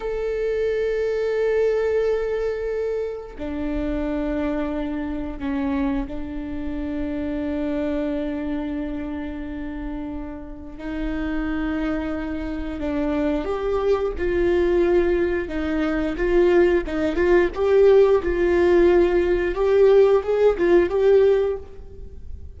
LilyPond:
\new Staff \with { instrumentName = "viola" } { \time 4/4 \tempo 4 = 89 a'1~ | a'4 d'2. | cis'4 d'2.~ | d'1 |
dis'2. d'4 | g'4 f'2 dis'4 | f'4 dis'8 f'8 g'4 f'4~ | f'4 g'4 gis'8 f'8 g'4 | }